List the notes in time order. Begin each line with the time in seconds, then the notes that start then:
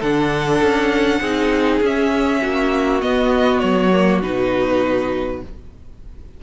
0.00 D3 D4 A4 F#5
0.62 C#4
1.20 C4 D#4 G#4
1.81 C#4 E5
2.41 A#3 F#4
3.01 B3 D#5
3.59 F#3 C#5
3.92 A#3
4.22 B2 D#4 B4